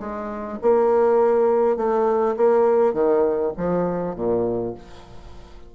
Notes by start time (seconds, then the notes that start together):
0.00 G#3
0.62 A#3
1.77 A3
2.37 A#3
2.94 D#3
3.57 F3
4.16 A#2